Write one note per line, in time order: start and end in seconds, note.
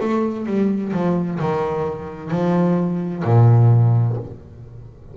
0.00 0.46 A3
0.46 0.92 G3
0.93 1.39 F3
1.39 2.31 D#3
2.31 3.23 F3
3.24 4.17 A#2